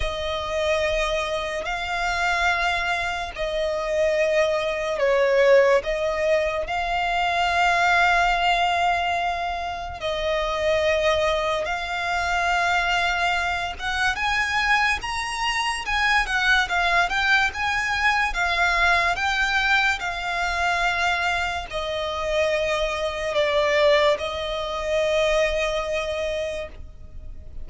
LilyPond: \new Staff \with { instrumentName = "violin" } { \time 4/4 \tempo 4 = 72 dis''2 f''2 | dis''2 cis''4 dis''4 | f''1 | dis''2 f''2~ |
f''8 fis''8 gis''4 ais''4 gis''8 fis''8 | f''8 g''8 gis''4 f''4 g''4 | f''2 dis''2 | d''4 dis''2. | }